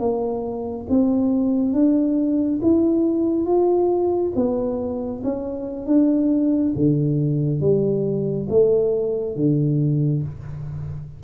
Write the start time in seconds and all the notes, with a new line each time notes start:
0.00 A#3
0.90 C4
1.74 D4
2.62 E4
3.46 F4
4.36 B3
5.25 C#4
5.87 D4
6.76 D3
7.61 G3
8.50 A3
9.36 D3